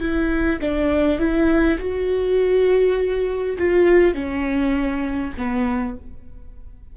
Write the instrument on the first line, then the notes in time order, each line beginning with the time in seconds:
viola
0.00 E4
0.61 D4
1.19 E4
1.79 F#4
3.58 F4
4.14 C#4
5.37 B3